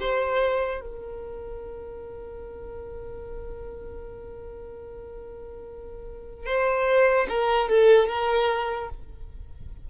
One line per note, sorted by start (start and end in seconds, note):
0.00 0.81 C5
0.81 6.46 A#4
6.46 7.27 C5
7.29 7.69 A#4
7.69 8.08 A4
8.08 8.89 A#4